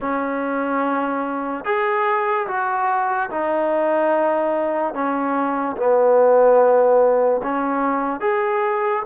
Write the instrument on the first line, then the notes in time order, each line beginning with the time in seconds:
trombone
0.00 C#4
1.64 G#4
2.47 F#4
3.30 D#4
4.94 C#4
5.76 B3
7.42 C#4
8.20 G#4